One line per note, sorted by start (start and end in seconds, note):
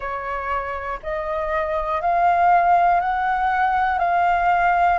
0.00 0.99 C#5
1.02 2.01 D#5
2.01 3.00 F5
3.00 3.99 F#5
3.99 4.98 F5